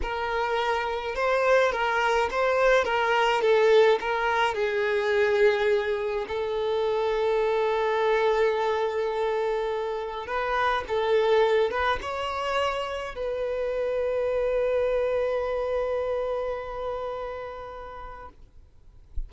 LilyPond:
\new Staff \with { instrumentName = "violin" } { \time 4/4 \tempo 4 = 105 ais'2 c''4 ais'4 | c''4 ais'4 a'4 ais'4 | gis'2. a'4~ | a'1~ |
a'2 b'4 a'4~ | a'8 b'8 cis''2 b'4~ | b'1~ | b'1 | }